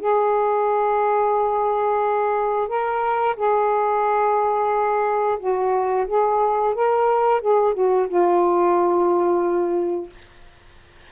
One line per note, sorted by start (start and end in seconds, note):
0.00 2.68 G#4
2.68 3.36 A#4
3.37 5.39 G#4
5.40 6.07 F#4
6.08 6.75 G#4
6.75 7.42 A#4
7.42 7.74 G#4
7.74 8.08 F#4
8.08 10.10 F4